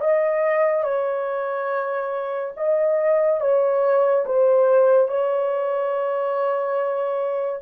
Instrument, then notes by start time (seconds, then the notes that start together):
horn
0.00 D#5
0.84 C#5
2.57 D#5
3.41 C#5
4.26 C5
5.09 C#5